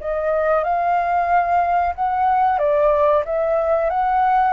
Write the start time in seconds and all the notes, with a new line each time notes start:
0.00 D#5
0.64 F5
1.95 F#5
2.58 D5
3.25 E5
3.90 F#5